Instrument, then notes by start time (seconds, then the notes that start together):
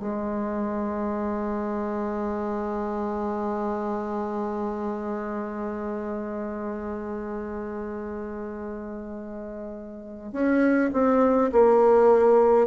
bassoon
0.00 G#3
10.33 C#4
10.94 C4
11.53 A#3